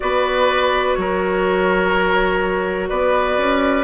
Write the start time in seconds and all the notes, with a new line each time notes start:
0.00 B3 F#4 B4 D5
0.94 F#3 A#4 C#5
2.88 B3 B4 D5
3.37 C#4